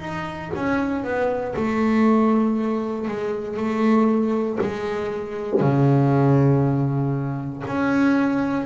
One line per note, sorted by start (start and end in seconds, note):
0.00 0.51 D#4
0.55 1.04 C#4
1.04 1.54 B3
1.56 3.08 A3
3.08 3.56 G#3
3.56 4.58 A3
4.60 5.60 G#3
5.60 7.64 C#3
7.67 8.65 C#4